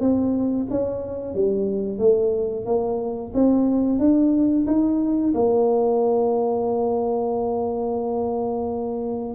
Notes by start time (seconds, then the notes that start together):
0.00 C4
0.70 C#4
1.35 G3
1.99 A3
2.65 A#3
3.34 C4
3.99 D4
4.66 D#4
5.34 A#3